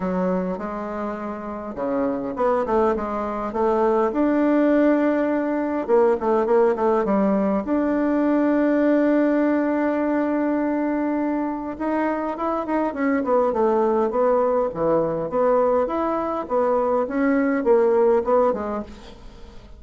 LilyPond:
\new Staff \with { instrumentName = "bassoon" } { \time 4/4 \tempo 4 = 102 fis4 gis2 cis4 | b8 a8 gis4 a4 d'4~ | d'2 ais8 a8 ais8 a8 | g4 d'2.~ |
d'1 | dis'4 e'8 dis'8 cis'8 b8 a4 | b4 e4 b4 e'4 | b4 cis'4 ais4 b8 gis8 | }